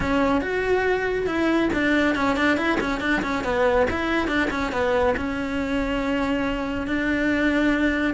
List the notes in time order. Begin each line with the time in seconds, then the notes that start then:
0.00 C#4
0.41 F#4
1.26 E4
1.73 D4
2.15 C#4
2.36 D4
2.57 E4
2.80 C#4
3.00 D4
3.22 C#4
3.43 B3
3.90 E4
4.27 D4
4.50 C#4
4.72 B3
5.16 C#4
6.87 D4